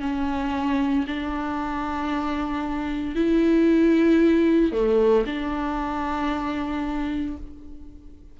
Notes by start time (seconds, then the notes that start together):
0.00 C#4
1.07 D4
3.15 E4
4.72 A3
5.26 D4